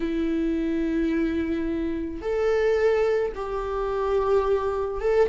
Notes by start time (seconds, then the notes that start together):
0.00 E4
2.21 A4
3.35 G4
5.01 A4